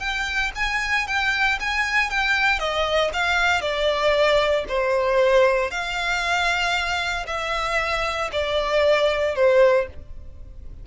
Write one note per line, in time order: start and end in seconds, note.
0.00 0.52 G5
0.56 1.07 G#5
1.07 1.59 G5
1.60 2.10 G#5
2.10 2.59 G5
2.59 3.11 D#5
3.13 3.62 F5
3.62 4.65 D5
4.69 5.71 C5
5.71 7.26 F5
7.27 8.31 E5
8.32 9.36 D5
9.36 9.87 C5